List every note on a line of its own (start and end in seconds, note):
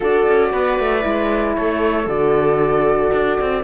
0.00 0.27 D4
0.00 1.01 F#4
0.00 0.51 A4
0.00 1.55 D5
0.27 0.53 C#4
0.51 0.78 B3
0.51 1.56 B4
0.78 1.05 A3
1.01 1.57 G#3
1.01 2.05 E4
1.55 2.06 A3
1.55 3.63 A4
1.55 2.07 C#5
2.06 3.11 D3
2.06 3.63 F#4
2.06 3.63 D5
3.12 3.38 D4
3.40 3.63 C4